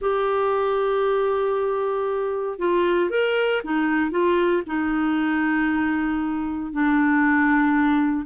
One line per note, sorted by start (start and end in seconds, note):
0.01 2.59 G4
2.59 3.10 F4
3.10 3.61 A#4
3.63 4.11 D#4
4.11 4.62 F4
4.66 6.72 D#4
6.72 8.25 D4